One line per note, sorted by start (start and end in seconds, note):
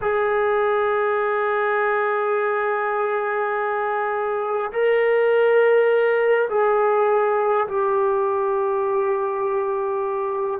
0.01 4.71 G#4
4.72 6.48 A#4
6.49 7.67 G#4
7.67 10.60 G4